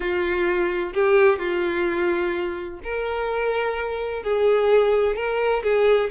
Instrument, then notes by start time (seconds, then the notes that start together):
violin
0.00 F4
0.93 G4
1.38 F4
2.83 A#4
4.23 G#4
5.15 A#4
5.63 G#4